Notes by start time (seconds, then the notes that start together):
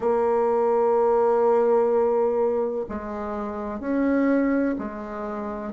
0.00 A#3
2.88 G#3
3.80 C#4
4.78 G#3